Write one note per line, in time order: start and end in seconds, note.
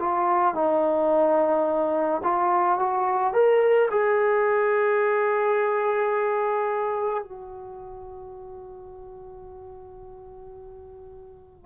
0.00 0.55 F4
0.55 2.22 D#4
2.24 2.79 F4
2.79 3.34 F#4
3.34 3.89 A#4
3.91 7.24 G#4
7.24 11.66 F#4